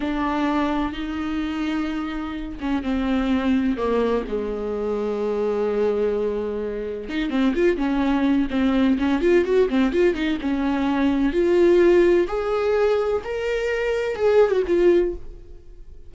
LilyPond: \new Staff \with { instrumentName = "viola" } { \time 4/4 \tempo 4 = 127 d'2 dis'2~ | dis'4. cis'8 c'2 | ais4 gis2.~ | gis2. dis'8 c'8 |
f'8 cis'4. c'4 cis'8 f'8 | fis'8 c'8 f'8 dis'8 cis'2 | f'2 gis'2 | ais'2 gis'8. fis'16 f'4 | }